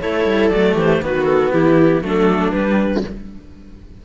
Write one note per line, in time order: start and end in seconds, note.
0.00 0.25 A3
0.00 0.52 E4
0.00 0.75 A4
0.00 0.50 C#5
0.25 0.50 G3
0.50 0.75 F#3
0.50 1.02 A3
0.50 0.75 D5
0.75 1.00 E3
0.75 1.00 G4
0.75 1.04 C5
1.01 1.51 D#3
1.01 2.02 B3
1.01 1.53 F#4
1.01 1.24 B4
1.24 1.50 A4
1.52 2.02 E3
1.52 2.03 E4
1.52 2.02 G4
2.02 2.52 F#3
2.02 2.53 A3
2.02 3.05 D4
2.02 2.52 A4
2.52 3.02 G3
2.52 3.04 G3
2.52 3.03 B4